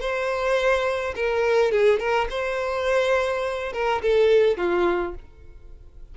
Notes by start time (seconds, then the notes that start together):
0.00 C5
1.16 A#4
1.71 G#4
1.99 A#4
2.30 C5
3.73 A#4
4.02 A4
4.57 F4